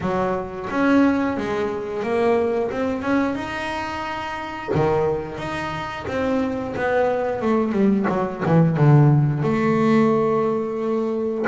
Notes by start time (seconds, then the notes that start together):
0.01 F#3
0.70 C#4
1.37 G#3
2.03 A#3
2.70 C4
3.02 C#4
3.35 D#4
4.75 D#3
5.37 D#4
6.07 C4
6.75 B3
7.41 A3
7.72 G3
8.09 F#3
8.45 E3
8.76 D3
9.42 A3